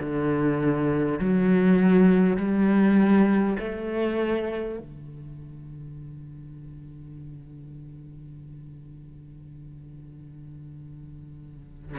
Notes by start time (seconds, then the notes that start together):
0.00 D3
1.19 F#3
2.37 G3
3.60 A3
4.79 D3